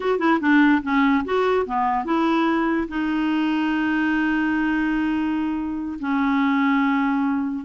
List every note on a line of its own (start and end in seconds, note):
0.00 0.18 F#4
0.18 0.39 E4
0.40 0.81 D4
0.83 1.24 C#4
1.24 1.66 F#4
1.66 2.04 B3
2.04 2.87 E4
2.88 5.98 D#4
5.99 7.64 C#4